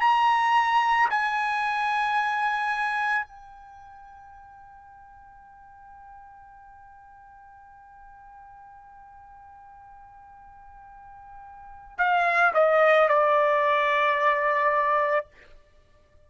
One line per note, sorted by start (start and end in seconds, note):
0.00 1.09 A#5
1.10 3.26 G#5
3.26 11.98 G5
11.98 12.53 F5
12.54 13.09 D#5
13.09 15.27 D5